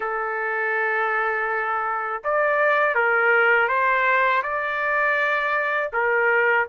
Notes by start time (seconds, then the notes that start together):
0.00 A4
2.24 D5
2.94 A#4
3.68 C5
4.42 D5
5.93 A#4